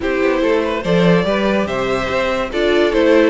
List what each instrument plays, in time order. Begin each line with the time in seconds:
0.00 cello C4, viola E4, violin G4 C5
0.22 cello B3
0.41 cello A3, violin A4
0.64 violin B4
0.83 cello F3, viola A4, violin C5 D5
1.24 cello G3, viola G4, violin B4
1.66 cello C3, violin C5 E5
2.09 cello C4
2.51 cello D4, viola F4, violin A4 D5
2.92 cello A3, viola E4, violin C5